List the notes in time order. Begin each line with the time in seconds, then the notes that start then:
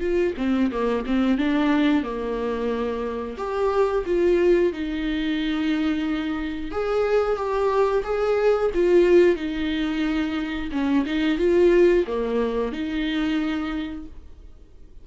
0.00 F4
0.37 C4
0.71 A#3
1.06 C4
1.38 D4
2.03 A#3
3.37 G4
4.06 F4
4.73 D#4
6.71 G#4
7.36 G4
8.04 G#4
8.74 F4
9.36 D#4
10.72 C#4
11.05 D#4
11.38 F4
12.07 A#3
12.72 D#4